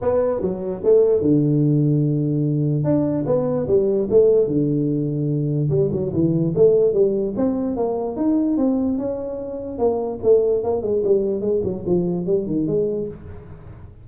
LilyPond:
\new Staff \with { instrumentName = "tuba" } { \time 4/4 \tempo 4 = 147 b4 fis4 a4 d4~ | d2. d'4 | b4 g4 a4 d4~ | d2 g8 fis8 e4 |
a4 g4 c'4 ais4 | dis'4 c'4 cis'2 | ais4 a4 ais8 gis8 g4 | gis8 fis8 f4 g8 dis8 gis4 | }